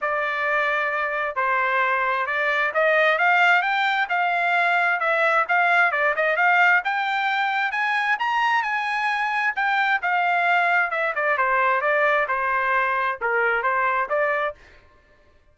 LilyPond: \new Staff \with { instrumentName = "trumpet" } { \time 4/4 \tempo 4 = 132 d''2. c''4~ | c''4 d''4 dis''4 f''4 | g''4 f''2 e''4 | f''4 d''8 dis''8 f''4 g''4~ |
g''4 gis''4 ais''4 gis''4~ | gis''4 g''4 f''2 | e''8 d''8 c''4 d''4 c''4~ | c''4 ais'4 c''4 d''4 | }